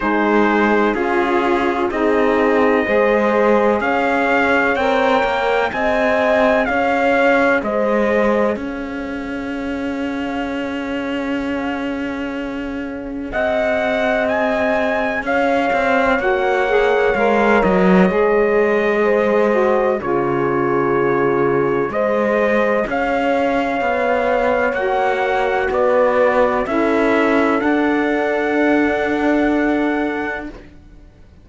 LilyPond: <<
  \new Staff \with { instrumentName = "trumpet" } { \time 4/4 \tempo 4 = 63 c''4 gis'4 dis''2 | f''4 g''4 gis''4 f''4 | dis''4 f''2.~ | f''2 fis''4 gis''4 |
f''4 fis''4 f''8 dis''4.~ | dis''4 cis''2 dis''4 | f''2 fis''4 d''4 | e''4 fis''2. | }
  \new Staff \with { instrumentName = "horn" } { \time 4/4 gis'4 f'4 gis'4 c''4 | cis''2 dis''4 cis''4 | c''4 cis''2.~ | cis''2 dis''2 |
cis''1 | c''4 gis'2 c''4 | cis''2. b'4 | a'1 | }
  \new Staff \with { instrumentName = "saxophone" } { \time 4/4 dis'4 f'4 dis'4 gis'4~ | gis'4 ais'4 gis'2~ | gis'1~ | gis'1~ |
gis'4 fis'8 gis'8 ais'4 gis'4~ | gis'8 fis'8 f'2 gis'4~ | gis'2 fis'2 | e'4 d'2. | }
  \new Staff \with { instrumentName = "cello" } { \time 4/4 gis4 cis'4 c'4 gis4 | cis'4 c'8 ais8 c'4 cis'4 | gis4 cis'2.~ | cis'2 c'2 |
cis'8 c'8 ais4 gis8 fis8 gis4~ | gis4 cis2 gis4 | cis'4 b4 ais4 b4 | cis'4 d'2. | }
>>